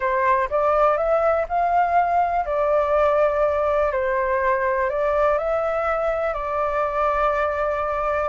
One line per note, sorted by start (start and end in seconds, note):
0.00 0.48 C5
0.50 0.97 D5
0.97 1.46 E5
1.48 2.45 F5
2.45 3.92 D5
3.92 4.89 C5
4.89 5.38 D5
5.38 6.33 E5
6.33 8.28 D5